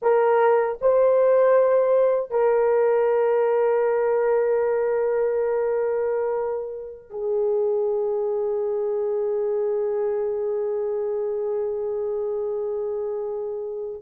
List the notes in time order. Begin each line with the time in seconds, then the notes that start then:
0.01 A#4
0.81 C5
2.30 A#4
7.09 G#4